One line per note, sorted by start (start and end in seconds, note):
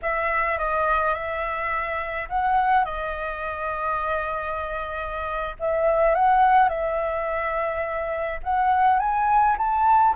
0.02 0.58 E5
0.58 1.14 D#5
1.14 2.28 E5
2.29 2.84 F#5
2.84 5.56 D#5
5.59 6.14 E5
6.14 6.68 F#5
6.68 8.40 E5
8.43 8.99 F#5
8.99 9.56 G#5
9.57 10.14 A5